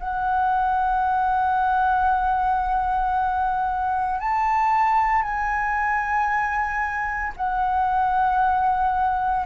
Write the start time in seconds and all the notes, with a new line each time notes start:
0.00 F#5
4.21 A5
5.22 G#5
7.37 F#5